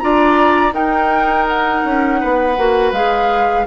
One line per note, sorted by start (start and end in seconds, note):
0.00 0.73 D4
0.00 0.72 F4
0.00 0.74 D5
0.00 0.73 A#5
0.72 2.55 D#4
0.72 1.82 D#4
0.72 2.20 A#4
0.72 1.47 G5
1.48 2.93 F#5
1.85 2.21 C#4
2.20 2.58 B3
2.20 3.67 B4
2.58 2.92 A#3
2.58 2.94 F#4
2.92 3.65 G#3
2.92 3.67 G#4
2.92 3.66 F5